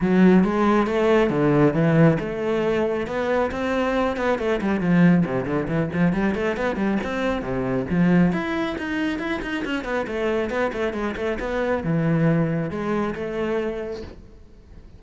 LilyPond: \new Staff \with { instrumentName = "cello" } { \time 4/4 \tempo 4 = 137 fis4 gis4 a4 d4 | e4 a2 b4 | c'4. b8 a8 g8 f4 | c8 d8 e8 f8 g8 a8 b8 g8 |
c'4 c4 f4 e'4 | dis'4 e'8 dis'8 cis'8 b8 a4 | b8 a8 gis8 a8 b4 e4~ | e4 gis4 a2 | }